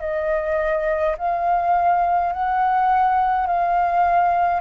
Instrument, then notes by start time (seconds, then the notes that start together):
flute
0.00 D#5
1.17 F5
2.32 F#5
3.46 F5